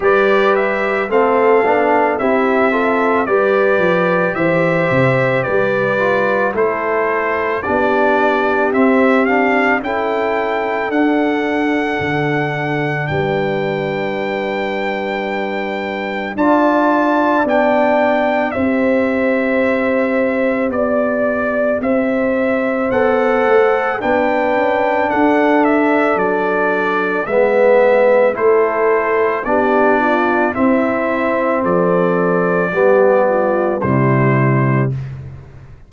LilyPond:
<<
  \new Staff \with { instrumentName = "trumpet" } { \time 4/4 \tempo 4 = 55 d''8 e''8 f''4 e''4 d''4 | e''4 d''4 c''4 d''4 | e''8 f''8 g''4 fis''2 | g''2. a''4 |
g''4 e''2 d''4 | e''4 fis''4 g''4 fis''8 e''8 | d''4 e''4 c''4 d''4 | e''4 d''2 c''4 | }
  \new Staff \with { instrumentName = "horn" } { \time 4/4 b'4 a'4 g'8 a'8 b'4 | c''4 b'4 a'4 g'4~ | g'4 a'2. | b'2. d''4~ |
d''4 c''2 d''4 | c''2 b'4 a'4~ | a'4 b'4 a'4 g'8 f'8 | e'4 a'4 g'8 f'8 e'4 | }
  \new Staff \with { instrumentName = "trombone" } { \time 4/4 g'4 c'8 d'8 e'8 f'8 g'4~ | g'4. f'8 e'4 d'4 | c'8 d'8 e'4 d'2~ | d'2. f'4 |
d'4 g'2.~ | g'4 a'4 d'2~ | d'4 b4 e'4 d'4 | c'2 b4 g4 | }
  \new Staff \with { instrumentName = "tuba" } { \time 4/4 g4 a8 b8 c'4 g8 f8 | e8 c8 g4 a4 b4 | c'4 cis'4 d'4 d4 | g2. d'4 |
b4 c'2 b4 | c'4 b8 a8 b8 cis'8 d'4 | fis4 gis4 a4 b4 | c'4 f4 g4 c4 | }
>>